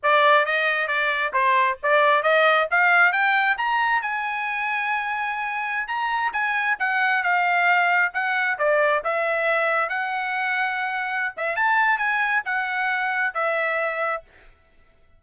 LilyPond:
\new Staff \with { instrumentName = "trumpet" } { \time 4/4 \tempo 4 = 135 d''4 dis''4 d''4 c''4 | d''4 dis''4 f''4 g''4 | ais''4 gis''2.~ | gis''4~ gis''16 ais''4 gis''4 fis''8.~ |
fis''16 f''2 fis''4 d''8.~ | d''16 e''2 fis''4.~ fis''16~ | fis''4. e''8 a''4 gis''4 | fis''2 e''2 | }